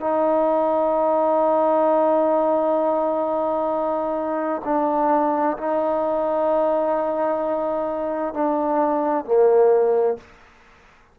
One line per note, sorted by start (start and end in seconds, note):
0.00 4.62 D#4
4.64 5.57 D4
5.57 8.34 D#4
8.34 9.25 D4
9.25 10.17 A#3